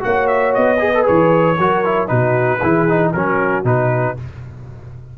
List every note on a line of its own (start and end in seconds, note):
0.00 0.57 A#3
0.00 0.78 F#4
0.00 0.82 C#5
0.00 0.28 F#5
0.28 0.53 E5
0.55 1.08 B3
0.55 1.06 D#5
0.79 0.92 G#4
0.79 1.58 B4
0.94 1.04 A4
1.04 1.59 E3
1.04 1.55 G#4
1.04 2.08 C#5
1.58 2.10 F#3
1.58 1.85 F#4
1.58 2.09 A#4
1.85 2.07 E4
2.07 2.62 B2
2.07 2.59 D#4
2.07 2.60 F#4
2.07 3.12 B4
2.60 3.14 E3
2.60 2.89 E4
2.60 3.11 G#4
2.89 3.15 D#4
3.13 3.64 F#3
3.13 3.65 C#4
3.13 4.17 F#4
3.13 3.64 A#4
3.64 4.16 B2
3.64 4.17 D#4
3.64 4.18 B4